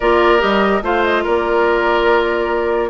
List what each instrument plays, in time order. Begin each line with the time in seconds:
0.00 bassoon A#3, clarinet F4, oboe A#4, flute D5
0.39 bassoon G3, clarinet G4, flute D#5
0.82 bassoon A3, clarinet F4, oboe C5, flute F5
1.03 flute D#5
1.23 bassoon A#3, oboe A#4, flute D5